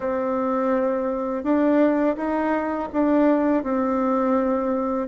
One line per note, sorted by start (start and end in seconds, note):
0.00 1.43 C4
1.43 2.16 D4
2.16 2.88 D#4
2.92 3.63 D4
3.63 5.07 C4